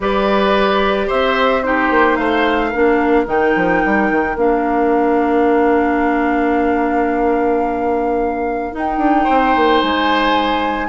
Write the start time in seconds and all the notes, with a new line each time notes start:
0.00 G3 G4 B4 D5
1.07 C4 C5 E5
1.62 D#4 G4 C5
1.90 A#3
2.16 A3 C5 F5
2.70 A#3 D4 A#4
3.26 D#3 D#4 G5
3.55 F3
3.84 G3
4.10 D#3
4.36 A#3 D4 F5
8.71 D#4 G5
8.97 D4
9.24 C4 C5
9.55 A#3
9.81 G#3 G#5